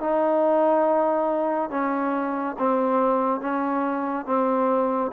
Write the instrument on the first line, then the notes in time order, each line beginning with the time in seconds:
trombone
0.00 D#4
1.70 C#4
2.59 C4
3.41 C#4
4.25 C4